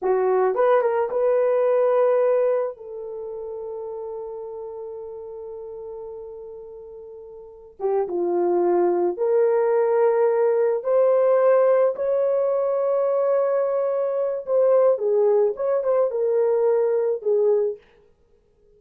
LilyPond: \new Staff \with { instrumentName = "horn" } { \time 4/4 \tempo 4 = 108 fis'4 b'8 ais'8 b'2~ | b'4 a'2.~ | a'1~ | a'2 g'8 f'4.~ |
f'8 ais'2. c''8~ | c''4. cis''2~ cis''8~ | cis''2 c''4 gis'4 | cis''8 c''8 ais'2 gis'4 | }